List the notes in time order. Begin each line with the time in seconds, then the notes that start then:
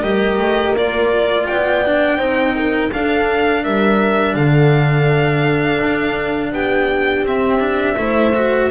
0.00 G3 G4 A#4 D#5
0.38 A3
0.73 A#3 F4 D5
1.47 B3 D5 G5
1.85 D4
2.18 C4 D#4 C5
2.56 A#4
2.93 D4 A4 F5
3.64 G3 A#4 E5
4.35 D3 A4 F5
5.83 D4
6.52 B3 G4 G5
7.22 C4 E5
7.60 D4
7.97 A3 E4 C5
8.35 F#4